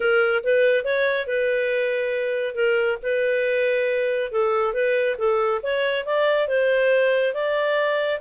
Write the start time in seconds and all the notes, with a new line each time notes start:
0.00 A#4
0.43 B4
0.84 C#5
1.26 B4
2.54 A#4
3.02 B4
4.31 A4
4.73 B4
5.18 A4
5.62 C#5
6.05 D5
6.48 C5
7.34 D5